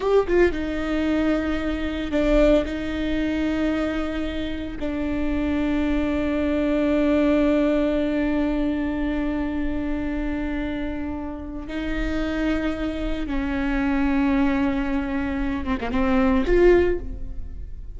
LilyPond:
\new Staff \with { instrumentName = "viola" } { \time 4/4 \tempo 4 = 113 g'8 f'8 dis'2. | d'4 dis'2.~ | dis'4 d'2.~ | d'1~ |
d'1~ | d'2 dis'2~ | dis'4 cis'2.~ | cis'4. c'16 ais16 c'4 f'4 | }